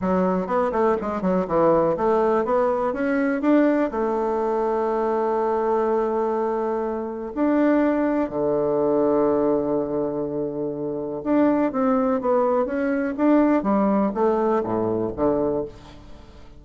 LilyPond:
\new Staff \with { instrumentName = "bassoon" } { \time 4/4 \tempo 4 = 123 fis4 b8 a8 gis8 fis8 e4 | a4 b4 cis'4 d'4 | a1~ | a2. d'4~ |
d'4 d2.~ | d2. d'4 | c'4 b4 cis'4 d'4 | g4 a4 a,4 d4 | }